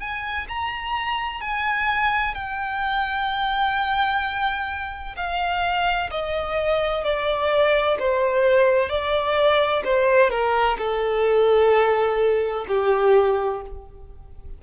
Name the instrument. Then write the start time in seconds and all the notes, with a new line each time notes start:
violin
0.00 G#5
0.49 A#5
1.41 G#5
2.35 G5
5.16 F5
6.11 D#5
7.04 D5
7.99 C5
8.89 D5
9.85 C5
10.30 A#4
10.78 A4
12.68 G4